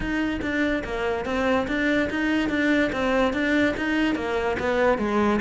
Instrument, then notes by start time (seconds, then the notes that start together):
cello
0.00 D#4
0.41 D4
0.84 A#3
1.25 C4
1.67 D4
2.09 D#4
2.49 D4
2.92 C4
3.33 D4
3.77 D#4
4.15 A#3
4.59 B3
4.98 G#3